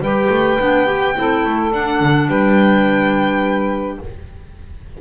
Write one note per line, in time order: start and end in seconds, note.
0.00 0.28 G3
0.00 0.60 G4
0.00 1.15 B4
0.00 1.73 G5
0.30 0.58 A3
0.60 1.16 B3
0.60 0.86 D4
0.86 1.15 G4
1.15 1.45 C4
1.15 1.72 E4
1.15 2.29 A4
1.45 1.73 A3
1.73 2.00 D4
1.73 4.01 D4
1.73 2.29 F#5
2.00 2.29 D3
2.29 3.98 G3
2.29 3.99 B4
2.29 3.99 G5